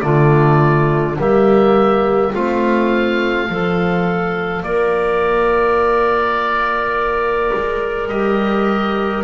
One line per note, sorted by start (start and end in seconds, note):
0.00 1.18 D3
0.00 1.16 A3
0.00 1.18 F4
0.00 1.15 D5
1.18 2.33 G3
1.18 2.33 A#3
1.18 2.32 G4
1.18 2.34 E5
2.32 3.50 A3
2.32 3.48 C4
2.32 3.48 F4
2.32 4.63 F5
3.48 4.63 F3
3.48 8.10 F4
3.48 4.64 A4
4.63 7.51 A#3
4.63 9.24 A#4
4.63 8.08 D5
7.54 8.09 G#3
8.08 9.24 G3
8.08 9.24 G4
8.08 9.24 D#5